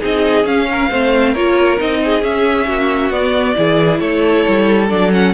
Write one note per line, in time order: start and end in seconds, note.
0.00 0.44 C4
0.00 0.45 D#4
0.00 0.67 G#4
0.00 0.46 D#5
0.44 0.88 C#4
0.44 0.89 C#4
0.44 1.34 F5
0.71 0.89 A#4
0.89 1.35 A3
0.89 1.36 C4
0.89 1.32 C5
1.32 1.80 A#3
1.32 1.77 F4
1.32 1.99 A#4
1.32 1.79 C#5
1.77 2.22 C4
1.77 2.21 D#4
1.77 2.24 D#5
2.04 2.68 G#4
2.22 2.67 C#4
2.22 3.12 C#4
2.22 3.12 E5
2.67 3.10 A#3
2.67 3.56 F#4
3.10 3.54 B3
3.10 3.55 B3
3.10 3.99 D5
3.55 4.00 E3
3.55 4.89 E4
3.55 4.01 G#4
3.99 4.44 A3
3.99 5.34 A4
3.99 4.87 C#5
4.47 4.90 G3
4.89 5.34 F#3
4.89 5.11 D4
4.89 5.12 D5
5.12 5.34 C#4
5.12 5.34 F#5